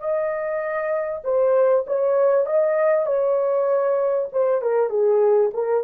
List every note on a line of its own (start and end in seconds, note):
0.00 1.22 D#5
1.24 1.86 C5
1.87 2.46 C#5
2.46 3.06 D#5
3.06 4.29 C#5
4.33 4.62 C5
4.62 4.90 A#4
4.90 5.51 G#4
5.54 5.84 A#4